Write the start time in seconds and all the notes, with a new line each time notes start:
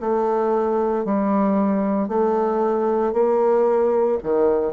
0.00 A3
1.05 G3
2.08 A3
3.13 A#3
4.23 D#3